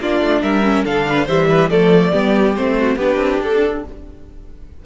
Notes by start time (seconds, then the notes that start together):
0.00 A#3 D4 F4 D5
0.20 A3
0.42 G3 A#4 E5
0.63 C#4
0.84 D3 D4 A4 F5
1.09 B4
1.25 E3 G3 C5 E5
1.49 B4
1.69 F3 A3 A4 D5
2.12 G3 B3 G4
2.55 A3 C4 C5
2.79 F#4
2.96 B3 D4 G4 B4
3.16 C4
3.41 D4 A4